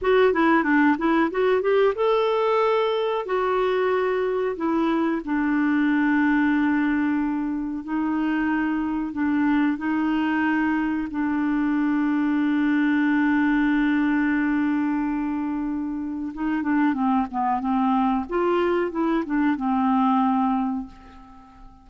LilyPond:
\new Staff \with { instrumentName = "clarinet" } { \time 4/4 \tempo 4 = 92 fis'8 e'8 d'8 e'8 fis'8 g'8 a'4~ | a'4 fis'2 e'4 | d'1 | dis'2 d'4 dis'4~ |
dis'4 d'2.~ | d'1~ | d'4 dis'8 d'8 c'8 b8 c'4 | f'4 e'8 d'8 c'2 | }